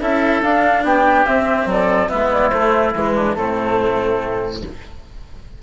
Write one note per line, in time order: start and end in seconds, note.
0.00 0.41 C#4
0.00 0.42 E4
0.00 0.84 A4
0.00 0.42 E5
0.41 0.83 D4
0.41 1.26 D4
0.41 0.84 F5
0.83 1.25 B3
0.83 1.68 G4
0.83 1.26 G5
1.25 1.65 C4
1.25 2.09 C4
1.25 1.67 E5
1.65 2.07 F#3
1.65 2.10 A4
1.65 2.09 D5
2.09 2.53 G#3
2.09 2.51 B3
2.09 3.15 E4
2.09 2.30 E5
2.32 2.49 D5
2.49 2.94 A3
2.49 2.95 A3
2.49 2.91 C5
2.94 3.36 E3
2.94 3.36 G#3
2.94 3.34 B4
3.15 3.36 D4
3.34 4.62 A2
3.34 4.62 A3
3.34 4.62 C4
3.34 4.60 A4